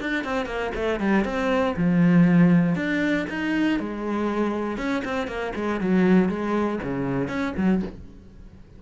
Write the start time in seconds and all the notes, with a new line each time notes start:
0.00 D4
0.24 C4
0.46 A#3
0.75 A3
1.00 G3
1.24 C4
1.76 F3
2.75 D4
3.29 D#4
3.79 G#3
4.77 C#4
5.05 C4
5.27 A#3
5.55 G#3
5.80 F#3
6.29 G#3
6.83 C#3
7.28 C#4
7.57 F#3